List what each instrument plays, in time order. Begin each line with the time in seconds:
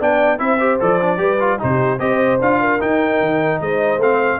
0.00 tuba B3, trombone D4, horn D5, trumpet G5
0.39 tuba C4, trombone E4, horn C5, trumpet E5
0.60 trombone G4
0.80 tuba F3, trombone A4, trumpet D5
1.02 trombone D4
1.18 tuba G3, trombone G4, horn B4
1.41 trombone F4
1.59 tuba C3, trombone D#4, horn G4, trumpet C5
2.00 tuba C4, trombone G4, horn C5, trumpet D#5
2.41 tuba D4, trombone F4, trumpet F5
2.60 horn A#4
2.80 trombone D#4, tuba D#4, trumpet G5
3.21 tuba D#3
3.61 tuba G#3, horn C5, trumpet D#5
3.98 tuba A3, trombone C4, trumpet F5